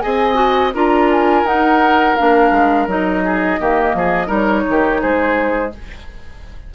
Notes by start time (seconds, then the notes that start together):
0.00 C4 G#4 D#5 G#5
0.35 F#4
0.74 D4 F4 A#4 A#5
1.11 G#5
1.44 D#4 F#5
2.17 A#3 D4 F5
2.52 G#3
2.87 F#3 D#4 D#5
3.25 G#4
3.60 D#3 A#3 G4
3.94 F3 G#4
4.27 G3 D#4 A#4 C#5
4.69 D#3 G4
5.01 G#3 G#4 C5